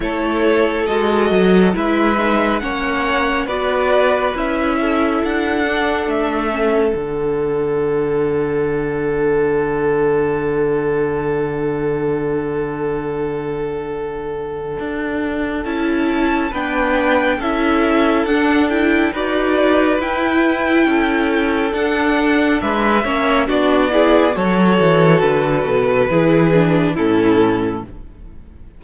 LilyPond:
<<
  \new Staff \with { instrumentName = "violin" } { \time 4/4 \tempo 4 = 69 cis''4 dis''4 e''4 fis''4 | d''4 e''4 fis''4 e''4 | fis''1~ | fis''1~ |
fis''2 a''4 g''4 | e''4 fis''8 g''8 d''4 g''4~ | g''4 fis''4 e''4 d''4 | cis''4 b'2 a'4 | }
  \new Staff \with { instrumentName = "violin" } { \time 4/4 a'2 b'4 cis''4 | b'4. a'2~ a'8~ | a'1~ | a'1~ |
a'2. b'4 | a'2 b'2 | a'2 b'8 cis''8 fis'8 gis'8 | a'2 gis'4 e'4 | }
  \new Staff \with { instrumentName = "viola" } { \time 4/4 e'4 fis'4 e'8 dis'8 cis'4 | fis'4 e'4. d'4 cis'8 | d'1~ | d'1~ |
d'2 e'4 d'4 | e'4 d'8 e'8 fis'4 e'4~ | e'4 d'4. cis'8 d'8 e'8 | fis'2 e'8 d'8 cis'4 | }
  \new Staff \with { instrumentName = "cello" } { \time 4/4 a4 gis8 fis8 gis4 ais4 | b4 cis'4 d'4 a4 | d1~ | d1~ |
d4 d'4 cis'4 b4 | cis'4 d'4 dis'4 e'4 | cis'4 d'4 gis8 ais8 b4 | fis8 e8 d8 b,8 e4 a,4 | }
>>